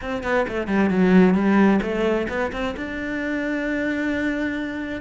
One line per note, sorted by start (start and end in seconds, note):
0.01 0.23 C4
0.23 0.45 B3
0.48 0.67 A3
0.67 0.89 G3
0.89 1.34 F#3
1.34 1.80 G3
1.82 2.27 A3
2.29 2.51 B3
2.52 2.75 C4
2.76 5.01 D4